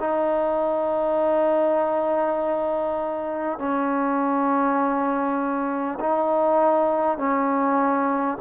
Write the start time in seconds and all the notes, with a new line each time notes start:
0.00 D#4
3.59 C#4
6.01 D#4
7.18 C#4